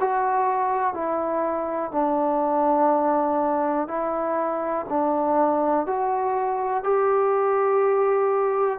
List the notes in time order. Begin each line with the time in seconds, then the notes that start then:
0.00 F#4
0.94 E4
1.92 D4
3.88 E4
4.89 D4
5.87 F#4
6.84 G4